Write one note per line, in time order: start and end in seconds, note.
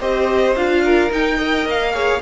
0.00 0.56 C4
0.00 0.55 G4
0.00 0.83 C5
0.00 0.57 D#5
0.56 1.11 D4
0.56 1.10 F4
0.56 1.12 F5
0.85 1.38 A#4
1.10 1.38 D#4
1.10 1.66 D#4
1.10 1.68 G5
1.38 1.94 A#4
1.38 1.93 D#5
1.66 2.21 A#3
1.66 2.22 F5
1.94 2.21 G#4
1.94 2.21 C#5